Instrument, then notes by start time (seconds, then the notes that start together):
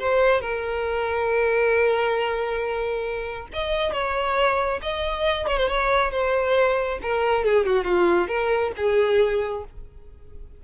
violin
0.00 C5
0.42 A#4
3.53 D#5
3.93 C#5
4.83 D#5
5.48 C#5
5.58 C5
5.69 C#5
6.12 C5
7.03 A#4
7.45 G#4
7.66 F#4
7.85 F4
8.28 A#4
8.77 G#4